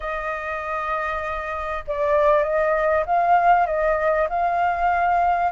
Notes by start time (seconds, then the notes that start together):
0.00 D#5
1.87 D5
2.43 D#5
3.06 F5
3.66 D#5
4.29 F5